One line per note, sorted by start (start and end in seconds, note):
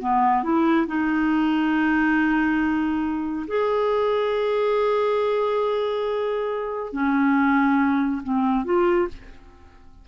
0.00 0.43 B3
0.44 0.87 E4
0.87 3.46 D#4
3.47 6.92 G#4
6.92 8.22 C#4
8.23 8.64 C4
8.64 9.08 F4